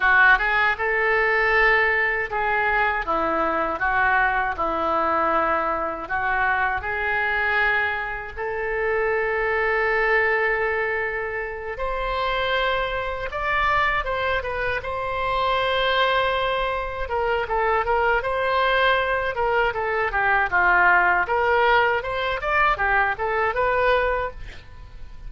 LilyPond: \new Staff \with { instrumentName = "oboe" } { \time 4/4 \tempo 4 = 79 fis'8 gis'8 a'2 gis'4 | e'4 fis'4 e'2 | fis'4 gis'2 a'4~ | a'2.~ a'8 c''8~ |
c''4. d''4 c''8 b'8 c''8~ | c''2~ c''8 ais'8 a'8 ais'8 | c''4. ais'8 a'8 g'8 f'4 | ais'4 c''8 d''8 g'8 a'8 b'4 | }